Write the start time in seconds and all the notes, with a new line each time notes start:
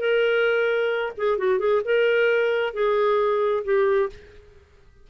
0.00 A#4
1.18 G#4
1.38 F#4
1.60 G#4
1.85 A#4
2.74 G#4
3.65 G4